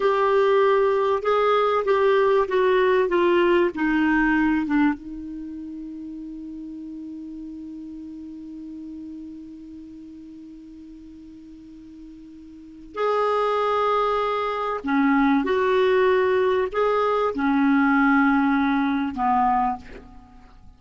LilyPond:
\new Staff \with { instrumentName = "clarinet" } { \time 4/4 \tempo 4 = 97 g'2 gis'4 g'4 | fis'4 f'4 dis'4. d'8 | dis'1~ | dis'1~ |
dis'1~ | dis'4 gis'2. | cis'4 fis'2 gis'4 | cis'2. b4 | }